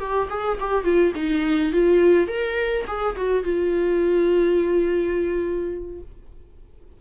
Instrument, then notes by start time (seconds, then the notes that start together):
viola
0.00 G4
0.30 G#4
0.60 G4
0.84 F4
1.16 D#4
1.73 F4
2.28 A#4
2.88 G#4
3.17 F#4
3.44 F4